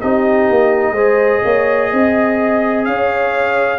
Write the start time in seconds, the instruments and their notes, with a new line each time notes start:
0.00 tuba C4, trombone D#4, horn G4, trumpet D#5
0.49 tuba A#3
0.92 tuba G#3, trombone G#4, horn C5
1.43 tuba A#3, horn C#5
1.89 tuba C4, horn D#5
2.85 tuba C#4, horn C#5, trumpet F5